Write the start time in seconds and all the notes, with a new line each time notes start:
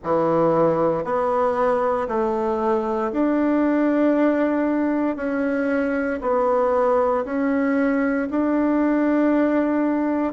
0.03 E3
1.04 B3
2.08 A3
3.11 D4
5.16 C#4
6.21 B3
7.25 C#4
8.30 D4